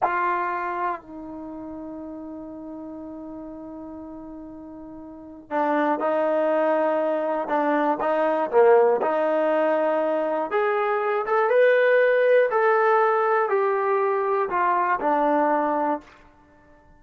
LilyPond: \new Staff \with { instrumentName = "trombone" } { \time 4/4 \tempo 4 = 120 f'2 dis'2~ | dis'1~ | dis'2. d'4 | dis'2. d'4 |
dis'4 ais4 dis'2~ | dis'4 gis'4. a'8 b'4~ | b'4 a'2 g'4~ | g'4 f'4 d'2 | }